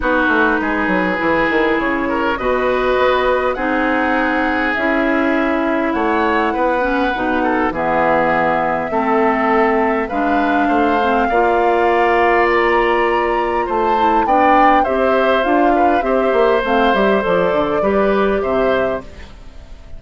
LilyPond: <<
  \new Staff \with { instrumentName = "flute" } { \time 4/4 \tempo 4 = 101 b'2. cis''4 | dis''2 fis''2 | e''2 fis''2~ | fis''4 e''2.~ |
e''4 f''2.~ | f''4 ais''2 a''4 | g''4 e''4 f''4 e''4 | f''8 e''8 d''2 e''4 | }
  \new Staff \with { instrumentName = "oboe" } { \time 4/4 fis'4 gis'2~ gis'8 ais'8 | b'2 gis'2~ | gis'2 cis''4 b'4~ | b'8 a'8 gis'2 a'4~ |
a'4 b'4 c''4 d''4~ | d''2. c''4 | d''4 c''4. b'8 c''4~ | c''2 b'4 c''4 | }
  \new Staff \with { instrumentName = "clarinet" } { \time 4/4 dis'2 e'2 | fis'2 dis'2 | e'2.~ e'8 cis'8 | dis'4 b2 c'4~ |
c'4 d'4. c'8 f'4~ | f'2.~ f'8 e'8 | d'4 g'4 f'4 g'4 | c'8 g'8 a'4 g'2 | }
  \new Staff \with { instrumentName = "bassoon" } { \time 4/4 b8 a8 gis8 fis8 e8 dis8 cis4 | b,4 b4 c'2 | cis'2 a4 b4 | b,4 e2 a4~ |
a4 gis4 a4 ais4~ | ais2. a4 | b4 c'4 d'4 c'8 ais8 | a8 g8 f8 d8 g4 c4 | }
>>